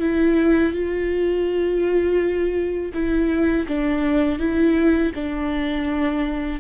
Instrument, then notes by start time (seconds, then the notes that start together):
viola
0.00 E4
0.73 F4
2.93 E4
3.68 D4
4.39 E4
5.15 D4